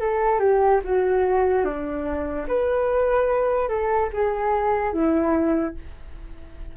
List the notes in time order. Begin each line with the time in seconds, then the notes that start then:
0.00 A4
0.39 G4
0.84 F#4
1.64 D4
2.47 B4
3.68 A4
4.13 G#4
4.93 E4